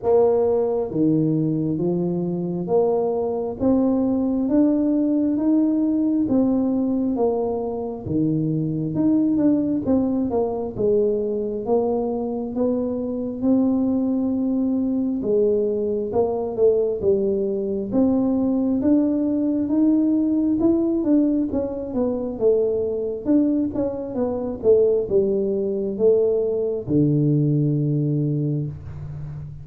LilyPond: \new Staff \with { instrumentName = "tuba" } { \time 4/4 \tempo 4 = 67 ais4 dis4 f4 ais4 | c'4 d'4 dis'4 c'4 | ais4 dis4 dis'8 d'8 c'8 ais8 | gis4 ais4 b4 c'4~ |
c'4 gis4 ais8 a8 g4 | c'4 d'4 dis'4 e'8 d'8 | cis'8 b8 a4 d'8 cis'8 b8 a8 | g4 a4 d2 | }